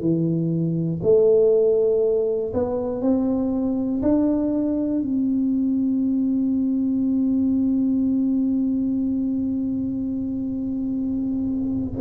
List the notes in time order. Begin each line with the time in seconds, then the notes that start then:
0.00 E3
1.02 A3
2.53 B3
3.01 C4
4.02 D4
5.02 C4